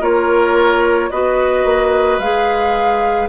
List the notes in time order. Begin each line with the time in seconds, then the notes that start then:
0.00 A#3 F4 A#4 C#5
1.10 B3 F#4 B4 D#5
1.64 A#3
2.18 G#3 G#4 F5